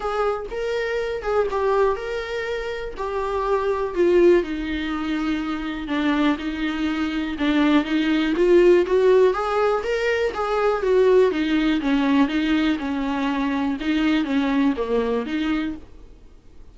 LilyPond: \new Staff \with { instrumentName = "viola" } { \time 4/4 \tempo 4 = 122 gis'4 ais'4. gis'8 g'4 | ais'2 g'2 | f'4 dis'2. | d'4 dis'2 d'4 |
dis'4 f'4 fis'4 gis'4 | ais'4 gis'4 fis'4 dis'4 | cis'4 dis'4 cis'2 | dis'4 cis'4 ais4 dis'4 | }